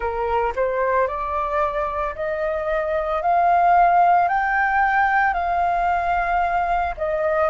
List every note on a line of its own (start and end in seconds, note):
0.00 0.53 A#4
0.56 1.07 C5
1.07 2.14 D5
2.15 3.21 D#5
3.21 4.28 F5
4.28 5.33 G5
5.33 6.94 F5
6.97 7.49 D#5